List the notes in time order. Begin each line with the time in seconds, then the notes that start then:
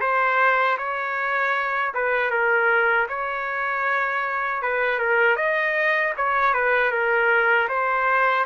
0.00 C5
0.77 C#5
1.94 B4
2.30 A#4
3.08 C#5
4.62 B4
4.99 A#4
5.36 D#5
6.16 C#5
6.53 B4
6.91 A#4
7.68 C5